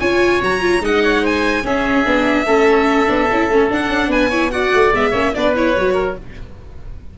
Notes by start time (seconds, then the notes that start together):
0.00 C#4 F4 C#5 G#5
0.42 F#3 F#4 A#5
0.61 F4
0.80 G#3 D#4 D#5 F#5
1.03 C#5
1.22 C5 G#5
1.63 C#4 G#4 E5
2.05 B3 D4
2.46 A3 C#4 A4
3.06 B3 D4
3.31 C#4 E4
3.49 A3 C#4
3.69 D4 F#5
3.89 C#4
4.07 B3 B4 G#5
4.29 E4 C#5
4.51 F#4 D5 F#5
4.74 A3
4.92 G#3 B3 E5
5.10 A#3 C#4 C#5
5.34 B3 D4 B4 D5
5.55 E4 C#5
5.76 F#3 F#4
5.94 A#4